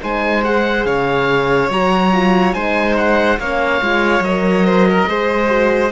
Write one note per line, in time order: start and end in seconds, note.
0.00 0.85 G#3
0.00 0.42 D#4
0.00 0.86 C5
0.00 0.44 G#5
0.42 1.69 G#4
0.42 0.85 F#5
0.85 1.69 C#3
0.85 2.54 C#5
0.85 1.69 F5
1.69 2.54 F#3
1.69 2.13 F#4
1.69 2.53 A#5
2.13 2.54 F4
2.53 3.39 G#3
2.53 3.39 D#4
2.53 3.39 C5
2.53 2.96 G#5
2.97 3.39 F#5
3.39 3.81 A#3
3.39 3.81 C#4
3.39 4.66 C#5
3.39 4.23 F5
3.81 4.20 G#3
3.81 4.24 F4
4.20 5.04 F#3
4.20 5.08 A#4
4.20 5.91 D#5
4.66 4.87 C5
4.89 5.08 A#4
5.07 5.91 G#3
5.07 5.48 G#4
5.07 5.91 C5
5.48 5.90 F#4